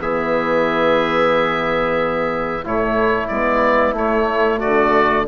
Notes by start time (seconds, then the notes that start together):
0.00 E3 B3 G#4 E5
2.64 A2 A3 E4 C#5
3.28 G#3 B3 D5
3.93 A3 C#5
4.59 F#4 D5
4.65 D3